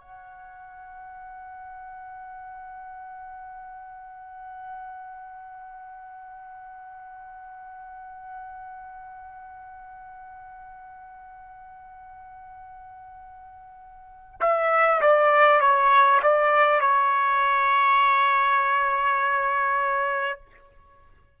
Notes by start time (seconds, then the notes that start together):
0.00 F#5
14.41 E5
15.01 D5
15.60 C#5
16.22 D5
16.80 C#5